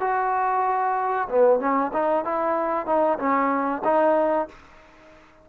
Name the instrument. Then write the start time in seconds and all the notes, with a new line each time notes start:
trombone
0.00 F#4
1.29 B3
1.59 C#4
1.93 D#4
2.24 E4
2.86 D#4
3.18 C#4
3.84 D#4